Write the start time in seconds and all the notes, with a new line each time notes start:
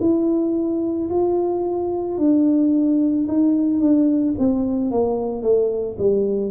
0.00 E4
1.10 F4
2.18 D4
3.27 D#4
3.80 D4
4.38 C4
4.90 A#3
5.42 A3
5.98 G3